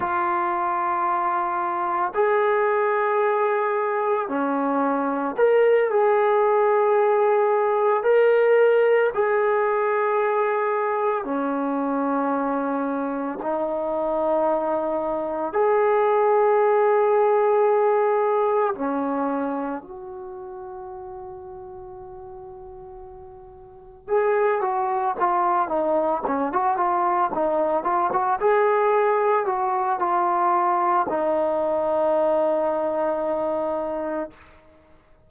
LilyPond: \new Staff \with { instrumentName = "trombone" } { \time 4/4 \tempo 4 = 56 f'2 gis'2 | cis'4 ais'8 gis'2 ais'8~ | ais'8 gis'2 cis'4.~ | cis'8 dis'2 gis'4.~ |
gis'4. cis'4 fis'4.~ | fis'2~ fis'8 gis'8 fis'8 f'8 | dis'8 cis'16 fis'16 f'8 dis'8 f'16 fis'16 gis'4 fis'8 | f'4 dis'2. | }